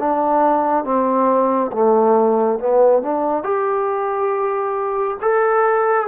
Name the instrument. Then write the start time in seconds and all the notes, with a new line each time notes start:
trombone
0.00 D4
0.85 C4
1.73 A3
2.60 B3
3.03 D4
3.44 G4
5.22 A4